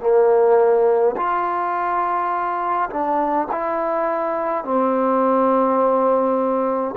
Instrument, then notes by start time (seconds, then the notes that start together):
trombone
0.00 A#3
1.16 F4
2.90 D4
3.51 E4
4.64 C4